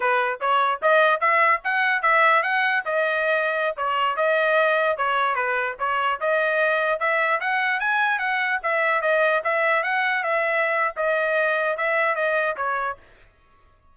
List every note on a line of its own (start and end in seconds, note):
0.00 0.40 B4
0.40 0.81 C#5
0.81 1.20 D#5
1.20 1.61 E5
1.64 2.02 F#5
2.02 2.42 E5
2.43 2.83 F#5
2.85 3.76 D#5
3.76 4.16 C#5
4.16 4.97 D#5
4.97 5.35 C#5
5.35 5.75 B4
5.79 6.19 C#5
6.20 6.99 D#5
6.99 7.40 E5
7.40 7.79 F#5
7.79 8.18 G#5
8.18 8.59 F#5
8.62 9.01 E5
9.01 9.42 D#5
9.44 9.83 E5
9.83 10.23 F#5
10.23 10.94 E5
10.96 11.77 D#5
11.77 12.15 E5
12.15 12.55 D#5
12.56 12.97 C#5